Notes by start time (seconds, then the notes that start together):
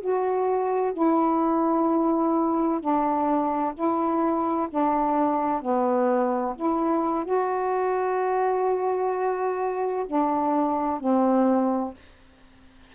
0.00 F#4
0.92 E4
2.80 D4
3.74 E4
4.70 D4
5.61 B3
6.55 E4
7.24 F#4
10.06 D4
11.00 C4